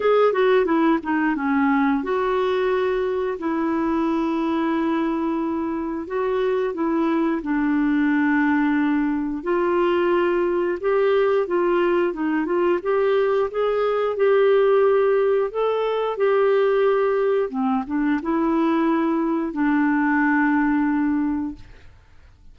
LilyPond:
\new Staff \with { instrumentName = "clarinet" } { \time 4/4 \tempo 4 = 89 gis'8 fis'8 e'8 dis'8 cis'4 fis'4~ | fis'4 e'2.~ | e'4 fis'4 e'4 d'4~ | d'2 f'2 |
g'4 f'4 dis'8 f'8 g'4 | gis'4 g'2 a'4 | g'2 c'8 d'8 e'4~ | e'4 d'2. | }